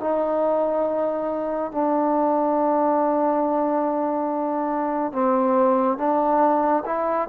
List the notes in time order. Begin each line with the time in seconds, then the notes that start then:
0.00 D#4
1.72 D4
5.13 C4
5.98 D4
6.86 E4